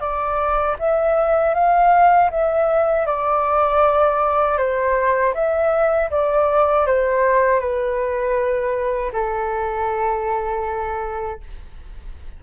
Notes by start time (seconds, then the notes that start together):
0.00 D5
0.79 E5
1.54 F5
2.30 E5
3.06 D5
4.58 C5
5.34 E5
6.11 D5
6.87 C5
7.59 B4
9.12 A4